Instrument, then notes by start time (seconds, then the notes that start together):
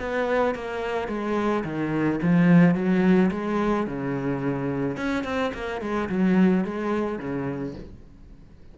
cello
0.00 B3
0.55 A#3
1.08 G#3
1.64 D#3
2.23 F3
2.75 F#3
3.32 G#3
3.87 C#3
4.97 C#4
5.24 C4
5.54 A#3
5.81 G#3
6.10 F#3
6.65 G#3
7.19 C#3